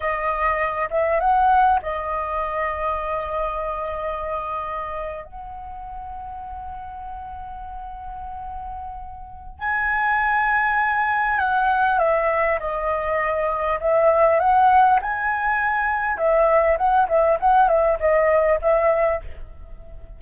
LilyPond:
\new Staff \with { instrumentName = "flute" } { \time 4/4 \tempo 4 = 100 dis''4. e''8 fis''4 dis''4~ | dis''1~ | dis''8. fis''2.~ fis''16~ | fis''1 |
gis''2. fis''4 | e''4 dis''2 e''4 | fis''4 gis''2 e''4 | fis''8 e''8 fis''8 e''8 dis''4 e''4 | }